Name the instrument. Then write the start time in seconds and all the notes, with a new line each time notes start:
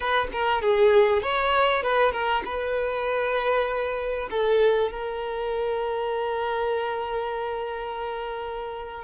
violin
0.00 B4
0.32 A#4
0.61 G#4
1.22 C#5
1.83 B4
2.12 A#4
2.45 B4
4.30 A4
4.91 A#4